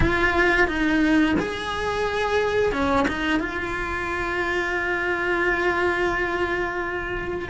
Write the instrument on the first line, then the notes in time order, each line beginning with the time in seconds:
cello
0.00 F4
0.67 D#4
1.39 G#4
2.72 C#4
3.08 D#4
3.39 F4